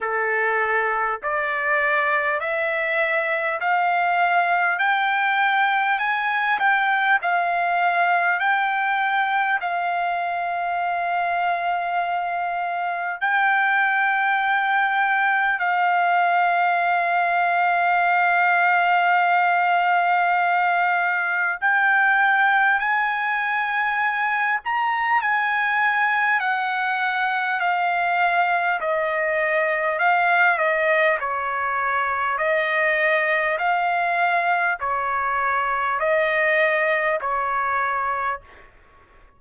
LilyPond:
\new Staff \with { instrumentName = "trumpet" } { \time 4/4 \tempo 4 = 50 a'4 d''4 e''4 f''4 | g''4 gis''8 g''8 f''4 g''4 | f''2. g''4~ | g''4 f''2.~ |
f''2 g''4 gis''4~ | gis''8 ais''8 gis''4 fis''4 f''4 | dis''4 f''8 dis''8 cis''4 dis''4 | f''4 cis''4 dis''4 cis''4 | }